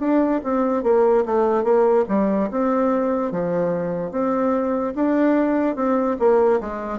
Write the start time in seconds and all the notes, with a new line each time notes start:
0.00 D4
0.44 C4
0.84 A#3
1.26 A3
1.64 A#3
2.09 G3
2.51 C4
3.32 F3
4.12 C4
4.95 D4
5.76 C4
6.19 A#3
6.61 G#3